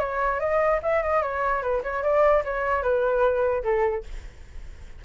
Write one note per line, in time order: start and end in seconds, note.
0.00 0.40 C#5
0.40 0.81 D#5
0.83 1.03 E5
1.03 1.23 D#5
1.23 1.63 C#5
1.63 1.83 B4
1.84 2.04 C#5
2.04 2.44 D5
2.45 2.83 C#5
2.83 3.64 B4
3.64 4.04 A4